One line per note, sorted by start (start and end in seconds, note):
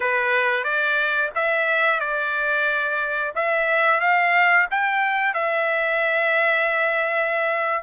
0.00 0.63 B4
0.63 1.30 D5
1.35 1.99 E5
1.99 3.33 D5
3.35 4.00 E5
4.00 4.67 F5
4.70 5.34 G5
5.34 7.83 E5